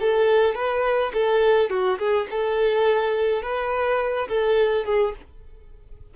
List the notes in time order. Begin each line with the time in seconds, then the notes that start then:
0.00 A4
0.55 B4
1.14 A4
1.70 F#4
1.99 G#4
2.30 A4
3.42 B4
4.28 A4
4.85 G#4